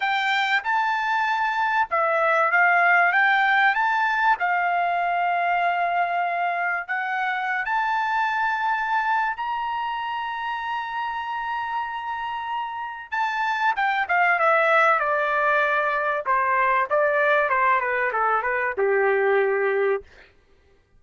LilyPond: \new Staff \with { instrumentName = "trumpet" } { \time 4/4 \tempo 4 = 96 g''4 a''2 e''4 | f''4 g''4 a''4 f''4~ | f''2. fis''4~ | fis''16 a''2~ a''8. ais''4~ |
ais''1~ | ais''4 a''4 g''8 f''8 e''4 | d''2 c''4 d''4 | c''8 b'8 a'8 b'8 g'2 | }